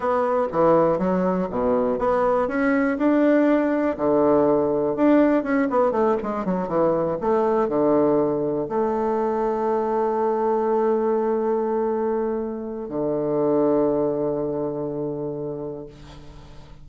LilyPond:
\new Staff \with { instrumentName = "bassoon" } { \time 4/4 \tempo 4 = 121 b4 e4 fis4 b,4 | b4 cis'4 d'2 | d2 d'4 cis'8 b8 | a8 gis8 fis8 e4 a4 d8~ |
d4. a2~ a8~ | a1~ | a2 d2~ | d1 | }